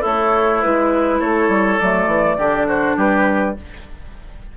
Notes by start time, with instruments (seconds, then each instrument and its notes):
0.00 bassoon A3, oboe E4, clarinet A4, flute C#5
0.62 bassoon G#3, clarinet E4, flute B4
1.20 bassoon A3, oboe A4, flute C#5
1.49 bassoon G3
1.80 bassoon F#3, clarinet A3, flute D5
2.06 bassoon E3
2.38 bassoon D3, clarinet D4, oboe G4
2.67 oboe F#4, flute C5
2.97 bassoon G3, oboe G4, flute B4